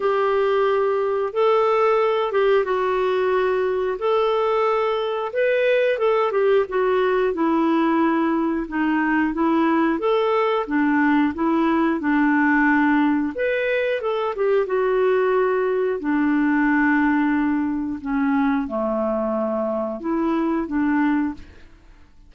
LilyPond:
\new Staff \with { instrumentName = "clarinet" } { \time 4/4 \tempo 4 = 90 g'2 a'4. g'8 | fis'2 a'2 | b'4 a'8 g'8 fis'4 e'4~ | e'4 dis'4 e'4 a'4 |
d'4 e'4 d'2 | b'4 a'8 g'8 fis'2 | d'2. cis'4 | a2 e'4 d'4 | }